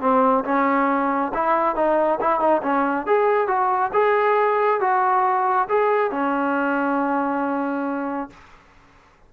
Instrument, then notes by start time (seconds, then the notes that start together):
trombone
0.00 C4
0.44 C#4
1.34 E4
1.75 D#4
2.20 E4
2.39 D#4
2.62 C#4
3.06 G#4
3.47 F#4
3.93 G#4
4.80 F#4
5.68 G#4
6.11 C#4